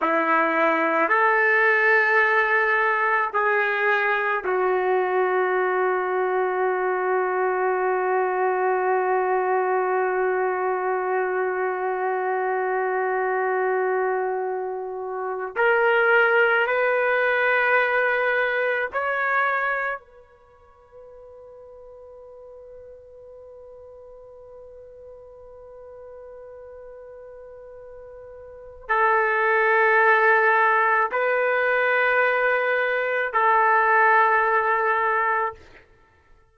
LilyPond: \new Staff \with { instrumentName = "trumpet" } { \time 4/4 \tempo 4 = 54 e'4 a'2 gis'4 | fis'1~ | fis'1~ | fis'2 ais'4 b'4~ |
b'4 cis''4 b'2~ | b'1~ | b'2 a'2 | b'2 a'2 | }